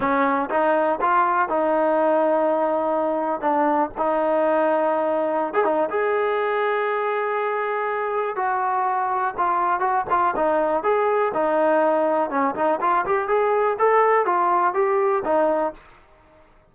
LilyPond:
\new Staff \with { instrumentName = "trombone" } { \time 4/4 \tempo 4 = 122 cis'4 dis'4 f'4 dis'4~ | dis'2. d'4 | dis'2.~ dis'16 gis'16 dis'8 | gis'1~ |
gis'4 fis'2 f'4 | fis'8 f'8 dis'4 gis'4 dis'4~ | dis'4 cis'8 dis'8 f'8 g'8 gis'4 | a'4 f'4 g'4 dis'4 | }